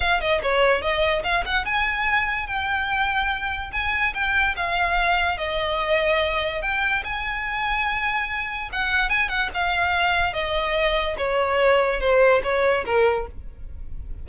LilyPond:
\new Staff \with { instrumentName = "violin" } { \time 4/4 \tempo 4 = 145 f''8 dis''8 cis''4 dis''4 f''8 fis''8 | gis''2 g''2~ | g''4 gis''4 g''4 f''4~ | f''4 dis''2. |
g''4 gis''2.~ | gis''4 fis''4 gis''8 fis''8 f''4~ | f''4 dis''2 cis''4~ | cis''4 c''4 cis''4 ais'4 | }